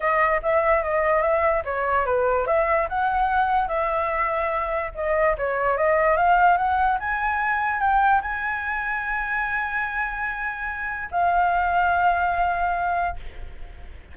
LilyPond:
\new Staff \with { instrumentName = "flute" } { \time 4/4 \tempo 4 = 146 dis''4 e''4 dis''4 e''4 | cis''4 b'4 e''4 fis''4~ | fis''4 e''2. | dis''4 cis''4 dis''4 f''4 |
fis''4 gis''2 g''4 | gis''1~ | gis''2. f''4~ | f''1 | }